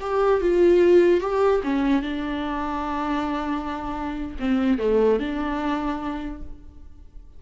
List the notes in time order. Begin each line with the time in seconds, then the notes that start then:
0.00 G4
0.41 F4
1.20 G4
1.63 C#4
2.02 D4
4.39 C4
4.78 A3
5.19 D4